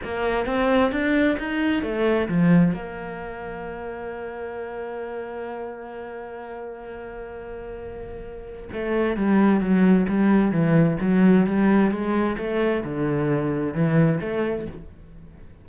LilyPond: \new Staff \with { instrumentName = "cello" } { \time 4/4 \tempo 4 = 131 ais4 c'4 d'4 dis'4 | a4 f4 ais2~ | ais1~ | ais1~ |
ais2. a4 | g4 fis4 g4 e4 | fis4 g4 gis4 a4 | d2 e4 a4 | }